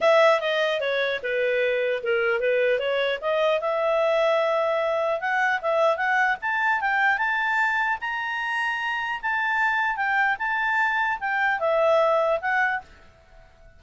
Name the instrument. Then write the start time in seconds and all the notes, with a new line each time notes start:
clarinet
0.01 E5
0.40 D#5
0.80 C#5
1.23 B4
2.03 A#4
2.40 B4
2.79 C#5
3.21 D#5
3.61 E5
5.20 F#5
5.61 E5
5.97 F#5
6.41 A5
6.81 G5
7.17 A5
8.00 A#5
9.21 A5
9.96 G5
10.39 A5
11.20 G5
11.59 E5
12.41 F#5